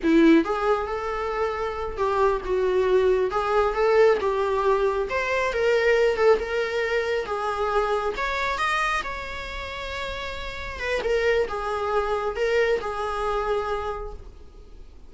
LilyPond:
\new Staff \with { instrumentName = "viola" } { \time 4/4 \tempo 4 = 136 e'4 gis'4 a'2~ | a'8 g'4 fis'2 gis'8~ | gis'8 a'4 g'2 c''8~ | c''8 ais'4. a'8 ais'4.~ |
ais'8 gis'2 cis''4 dis''8~ | dis''8 cis''2.~ cis''8~ | cis''8 b'8 ais'4 gis'2 | ais'4 gis'2. | }